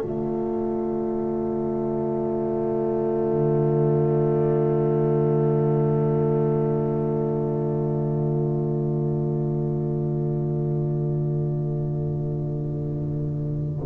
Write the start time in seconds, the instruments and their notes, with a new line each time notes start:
0.00 tuba D3, trombone A3, horn F4, trumpet D5